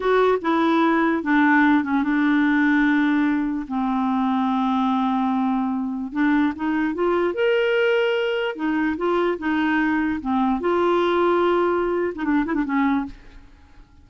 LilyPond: \new Staff \with { instrumentName = "clarinet" } { \time 4/4 \tempo 4 = 147 fis'4 e'2 d'4~ | d'8 cis'8 d'2.~ | d'4 c'2.~ | c'2. d'4 |
dis'4 f'4 ais'2~ | ais'4 dis'4 f'4 dis'4~ | dis'4 c'4 f'2~ | f'4.~ f'16 dis'16 d'8 e'16 d'16 cis'4 | }